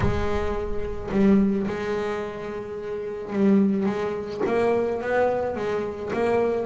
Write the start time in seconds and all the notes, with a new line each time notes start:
0.00 G#3
1.11 G3
1.67 G#3
3.32 G3
3.85 G#3
4.46 A#3
5.01 B3
5.56 G#3
6.13 A#3